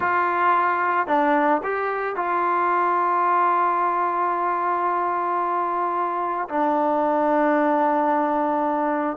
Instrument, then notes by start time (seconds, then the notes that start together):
trombone
0.00 F4
1.07 D4
1.63 G4
2.15 F4
6.48 D4